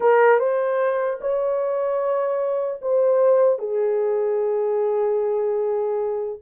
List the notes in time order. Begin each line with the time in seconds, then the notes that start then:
0.00 A#4
0.39 C5
1.20 C#5
2.81 C5
3.58 G#4